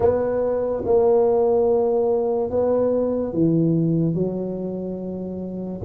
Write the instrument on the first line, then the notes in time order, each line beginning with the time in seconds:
tuba
0.00 B3
0.85 A#3
2.50 B3
3.33 E3
4.14 F#3